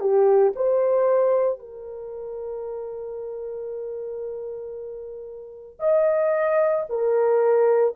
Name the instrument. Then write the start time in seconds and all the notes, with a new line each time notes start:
horn
0.00 G4
0.56 C5
1.59 A#4
5.79 D#5
6.89 A#4